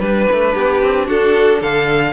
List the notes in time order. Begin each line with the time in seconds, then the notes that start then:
0.00 G3 D4 B4
0.32 A3
0.54 B3 G4
0.82 C4
1.07 D4 F#4 A4
1.60 D3 A4 F5